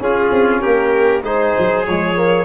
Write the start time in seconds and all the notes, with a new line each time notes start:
0.00 C#4 F4 G#4
0.31 C4
0.61 A#3 G4 A#4
1.23 G#3 D#4 G#4 C5
1.58 F#3
1.86 F3 G#3 C#5
2.15 A#3